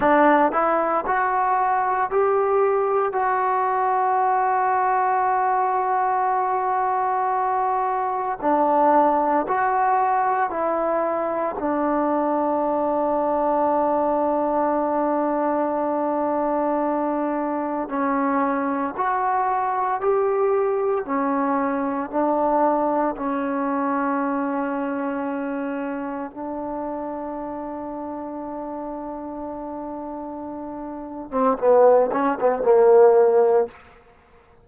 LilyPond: \new Staff \with { instrumentName = "trombone" } { \time 4/4 \tempo 4 = 57 d'8 e'8 fis'4 g'4 fis'4~ | fis'1 | d'4 fis'4 e'4 d'4~ | d'1~ |
d'4 cis'4 fis'4 g'4 | cis'4 d'4 cis'2~ | cis'4 d'2.~ | d'4.~ d'16 c'16 b8 cis'16 b16 ais4 | }